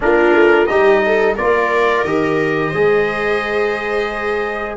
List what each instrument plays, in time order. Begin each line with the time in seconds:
0.00 tuba A#3, trombone D4, viola F4, trumpet A#4
0.34 tuba A3
0.66 tuba G3, trombone D#4, viola G4, trumpet D#5
1.05 viola A4
1.36 tuba A#3, trombone F4, viola A#4, trumpet D5
2.03 tuba D#3, trombone G4, trumpet D#5
2.69 tuba G#3, trombone G#4, viola C5